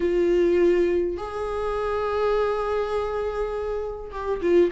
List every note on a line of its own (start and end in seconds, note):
0.00 1.17 F4
1.17 4.11 G#4
4.11 4.41 G4
4.41 4.71 F4